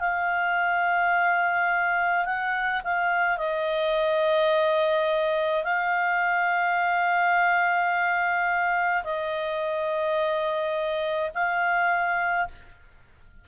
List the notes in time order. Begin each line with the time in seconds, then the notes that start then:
0.00 F5
2.25 F#5
2.84 F5
3.38 D#5
5.64 F5
9.04 D#5
11.34 F5